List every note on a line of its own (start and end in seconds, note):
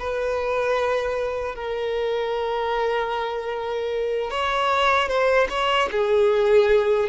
0.00 1.56 B4
1.56 4.31 A#4
4.31 5.08 C#5
5.08 5.48 C5
5.50 5.89 C#5
5.92 7.09 G#4